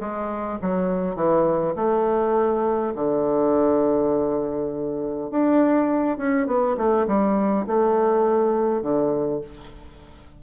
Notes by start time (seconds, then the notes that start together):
0.00 G#3
0.62 F#3
1.16 E3
1.76 A3
2.95 D3
5.30 D4
6.18 C#4
6.47 B3
6.77 A3
7.07 G3
7.67 A3
8.82 D3